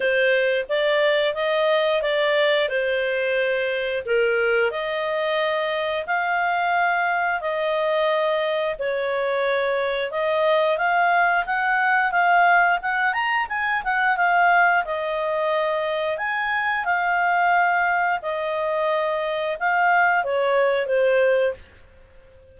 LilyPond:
\new Staff \with { instrumentName = "clarinet" } { \time 4/4 \tempo 4 = 89 c''4 d''4 dis''4 d''4 | c''2 ais'4 dis''4~ | dis''4 f''2 dis''4~ | dis''4 cis''2 dis''4 |
f''4 fis''4 f''4 fis''8 ais''8 | gis''8 fis''8 f''4 dis''2 | gis''4 f''2 dis''4~ | dis''4 f''4 cis''4 c''4 | }